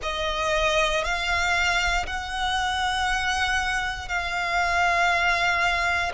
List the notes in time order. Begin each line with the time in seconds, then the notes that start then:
0.02 D#5
1.04 F5
2.06 F#5
4.08 F5